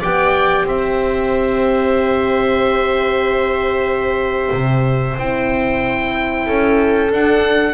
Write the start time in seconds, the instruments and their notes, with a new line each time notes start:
0.00 double bass B3, horn G4, viola D5, oboe G5
0.64 double bass C4, viola C5, oboe E5
4.53 double bass C3
5.18 double bass C4, horn E4, oboe G5
6.46 double bass C#4, viola A4
7.12 double bass D4, horn D4, oboe F#5